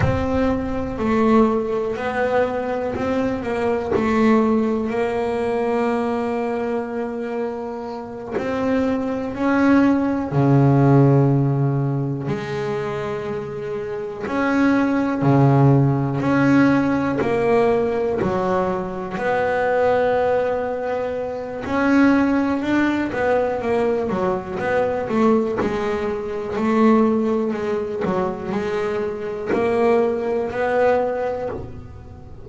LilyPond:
\new Staff \with { instrumentName = "double bass" } { \time 4/4 \tempo 4 = 61 c'4 a4 b4 c'8 ais8 | a4 ais2.~ | ais8 c'4 cis'4 cis4.~ | cis8 gis2 cis'4 cis8~ |
cis8 cis'4 ais4 fis4 b8~ | b2 cis'4 d'8 b8 | ais8 fis8 b8 a8 gis4 a4 | gis8 fis8 gis4 ais4 b4 | }